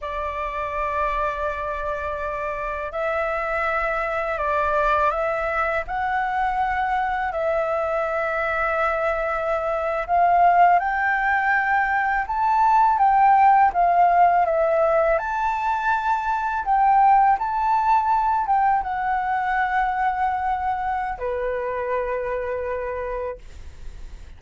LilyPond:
\new Staff \with { instrumentName = "flute" } { \time 4/4 \tempo 4 = 82 d''1 | e''2 d''4 e''4 | fis''2 e''2~ | e''4.~ e''16 f''4 g''4~ g''16~ |
g''8. a''4 g''4 f''4 e''16~ | e''8. a''2 g''4 a''16~ | a''4~ a''16 g''8 fis''2~ fis''16~ | fis''4 b'2. | }